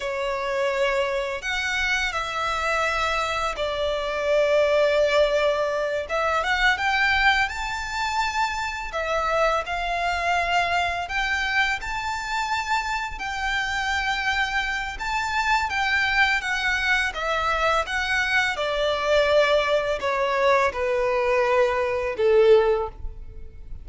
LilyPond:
\new Staff \with { instrumentName = "violin" } { \time 4/4 \tempo 4 = 84 cis''2 fis''4 e''4~ | e''4 d''2.~ | d''8 e''8 fis''8 g''4 a''4.~ | a''8 e''4 f''2 g''8~ |
g''8 a''2 g''4.~ | g''4 a''4 g''4 fis''4 | e''4 fis''4 d''2 | cis''4 b'2 a'4 | }